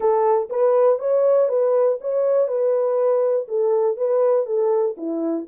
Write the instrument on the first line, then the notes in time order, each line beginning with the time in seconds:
horn
0.00 A4
0.49 B4
0.98 C#5
1.48 B4
2.01 C#5
2.47 B4
3.48 A4
3.96 B4
4.46 A4
4.97 E4